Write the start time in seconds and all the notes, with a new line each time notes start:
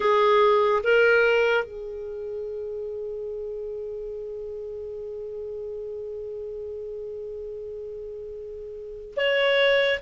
0.00 G#4
0.83 A#4
1.64 G#4
9.16 C#5